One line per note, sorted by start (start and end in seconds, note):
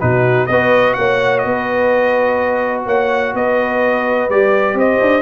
0.00 0.49 B2
0.00 0.48 D#4
0.00 0.48 F#4
0.00 0.47 B4
0.47 0.96 B3
0.47 4.30 F#4
0.47 0.96 B4
0.47 0.93 D#5
0.93 1.44 A#3
0.93 1.45 C#5
0.93 1.38 F#5
1.38 2.81 D#5
1.44 2.86 B3
1.44 2.86 B4
2.86 3.34 A#3
2.86 3.34 C#5
2.86 3.35 F#5
3.34 4.29 B3
3.34 4.77 B4
3.34 4.30 D#5
4.29 4.74 G3
4.29 5.22 G4
4.29 4.77 D5
4.74 4.98 C4
4.74 5.22 C5
4.74 5.22 D#5
5.01 5.22 D4